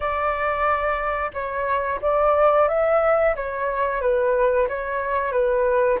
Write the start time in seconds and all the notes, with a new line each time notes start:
0.00 D5
1.33 C#5
2.01 D5
2.68 E5
3.35 C#5
4.01 B4
4.68 C#5
5.32 B4